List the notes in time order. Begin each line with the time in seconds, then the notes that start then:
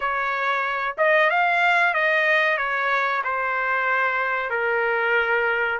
0.00 C#5
0.97 D#5
1.30 F5
1.94 D#5
2.57 C#5
3.23 C5
4.50 A#4